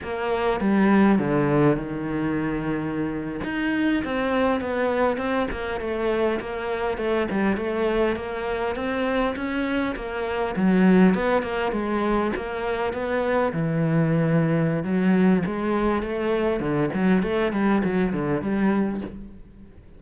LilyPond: \new Staff \with { instrumentName = "cello" } { \time 4/4 \tempo 4 = 101 ais4 g4 d4 dis4~ | dis4.~ dis16 dis'4 c'4 b16~ | b8. c'8 ais8 a4 ais4 a16~ | a16 g8 a4 ais4 c'4 cis'16~ |
cis'8. ais4 fis4 b8 ais8 gis16~ | gis8. ais4 b4 e4~ e16~ | e4 fis4 gis4 a4 | d8 fis8 a8 g8 fis8 d8 g4 | }